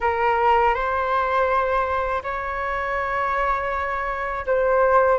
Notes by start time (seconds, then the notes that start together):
0.00 A#4
0.74 C5
2.23 C#5
4.46 C5